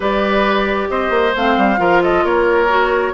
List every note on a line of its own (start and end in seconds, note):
0.00 0.87 G3
0.00 1.32 G4
0.00 0.88 B4
0.00 0.89 D5
0.89 1.10 C4
0.89 1.80 C5
0.89 1.34 D#5
1.10 1.32 A#3
1.35 1.57 A3
1.35 1.77 C4
1.35 2.03 F5
1.57 1.78 G3
1.77 2.23 F3
1.77 2.67 F4
1.77 2.02 A#4
2.02 2.24 A4
2.02 2.25 D#5
2.23 3.13 A#3
2.23 3.13 A#4
2.23 3.13 C#5
2.68 3.13 F#4